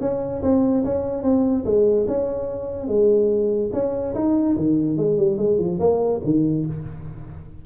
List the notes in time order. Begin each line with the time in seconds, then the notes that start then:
0.00 C#4
0.42 C4
0.84 C#4
1.23 C4
1.65 G#3
2.07 C#4
2.87 G#3
3.73 C#4
4.14 D#4
4.56 D#3
4.97 G#3
5.17 G3
5.37 G#3
5.58 F3
5.79 A#3
6.24 D#3